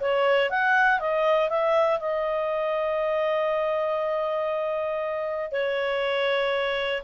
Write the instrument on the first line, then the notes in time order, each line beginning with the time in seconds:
clarinet
0.00 C#5
0.50 F#5
0.99 D#5
1.49 E5
1.99 D#5
5.51 C#5